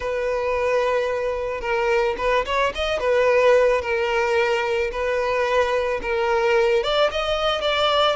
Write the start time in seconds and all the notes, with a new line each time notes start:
0.00 B4
1.61 A#4
2.17 B4
2.45 C#5
2.74 D#5
2.99 B4
3.81 A#4
4.91 B4
6.01 A#4
6.83 D5
7.11 D#5
7.61 D5